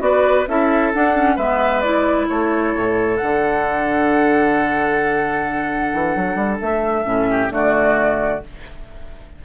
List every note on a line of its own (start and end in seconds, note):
0.00 0.46 B3
0.00 0.45 F#4
0.00 0.49 B4
0.00 0.47 D5
0.48 0.93 C#4
0.48 0.94 E4
0.48 1.36 A4
0.48 0.94 E5
0.94 1.16 D4
0.94 1.38 D4
0.94 1.38 F#5
1.16 1.38 C#4
1.36 2.29 G#3
1.36 1.84 B3
1.36 2.27 B4
1.36 1.81 E5
1.81 3.20 E4
1.81 2.27 D5
2.29 2.75 A3
2.29 7.30 A4
2.29 3.17 C#5
2.75 3.21 A2
3.17 5.94 D3
3.17 7.05 D4
3.17 6.58 F#5
5.94 6.16 E3
6.16 6.36 F#3
6.36 6.58 G3
6.62 7.05 A3
6.62 7.52 E5
7.05 7.50 A2
7.05 7.50 C#4
7.30 7.53 G4
7.50 8.41 D3
7.50 8.41 A3
7.50 8.45 F#4
7.50 8.45 D5